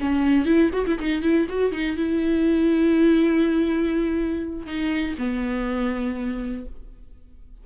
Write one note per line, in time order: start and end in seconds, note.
0.00 0.45 C#4
0.45 0.70 E4
0.73 0.85 F#4
0.86 0.98 E4
0.99 1.22 D#4
1.22 1.47 E4
1.49 1.72 F#4
1.72 1.96 D#4
1.96 4.66 E4
4.66 5.15 D#4
5.18 6.65 B3